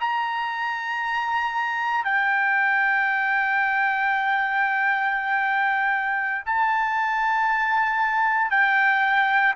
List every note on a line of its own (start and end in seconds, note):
0.00 2.04 A#5
2.04 6.44 G5
6.46 8.51 A5
8.51 9.54 G5